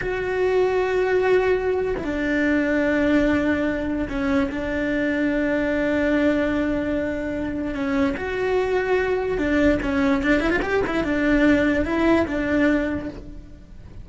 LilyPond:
\new Staff \with { instrumentName = "cello" } { \time 4/4 \tempo 4 = 147 fis'1~ | fis'8. e'16 d'2.~ | d'2 cis'4 d'4~ | d'1~ |
d'2. cis'4 | fis'2. d'4 | cis'4 d'8 e'16 f'16 g'8 e'8 d'4~ | d'4 e'4 d'2 | }